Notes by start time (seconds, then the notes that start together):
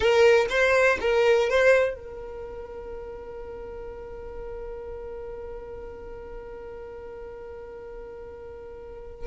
0.00 A#4
0.49 C5
1.00 A#4
1.49 C5
1.95 A#4